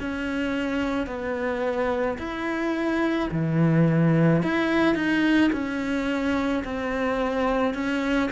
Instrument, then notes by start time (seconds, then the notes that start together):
cello
0.00 C#4
1.07 B3
2.18 E4
3.32 E3
4.43 E4
4.95 D#4
5.53 C#4
6.65 C4
7.75 C#4